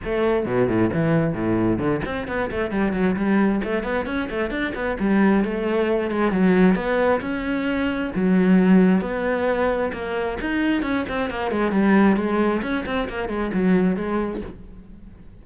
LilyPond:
\new Staff \with { instrumentName = "cello" } { \time 4/4 \tempo 4 = 133 a4 b,8 a,8 e4 a,4 | d8 c'8 b8 a8 g8 fis8 g4 | a8 b8 cis'8 a8 d'8 b8 g4 | a4. gis8 fis4 b4 |
cis'2 fis2 | b2 ais4 dis'4 | cis'8 c'8 ais8 gis8 g4 gis4 | cis'8 c'8 ais8 gis8 fis4 gis4 | }